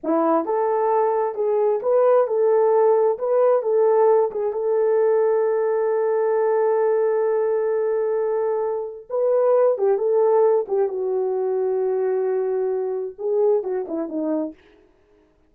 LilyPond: \new Staff \with { instrumentName = "horn" } { \time 4/4 \tempo 4 = 132 e'4 a'2 gis'4 | b'4 a'2 b'4 | a'4. gis'8 a'2~ | a'1~ |
a'1 | b'4. g'8 a'4. g'8 | fis'1~ | fis'4 gis'4 fis'8 e'8 dis'4 | }